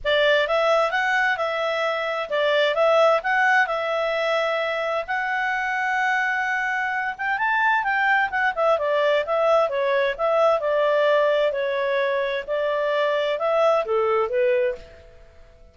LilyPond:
\new Staff \with { instrumentName = "clarinet" } { \time 4/4 \tempo 4 = 130 d''4 e''4 fis''4 e''4~ | e''4 d''4 e''4 fis''4 | e''2. fis''4~ | fis''2.~ fis''8 g''8 |
a''4 g''4 fis''8 e''8 d''4 | e''4 cis''4 e''4 d''4~ | d''4 cis''2 d''4~ | d''4 e''4 a'4 b'4 | }